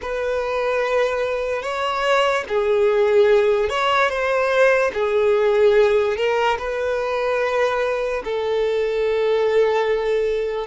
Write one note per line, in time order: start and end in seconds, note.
0.01 1.62 B4
1.62 2.44 C#5
2.48 3.69 G#4
3.69 4.09 C#5
4.09 4.91 C5
4.93 6.16 G#4
6.16 6.58 A#4
6.58 8.22 B4
8.24 10.67 A4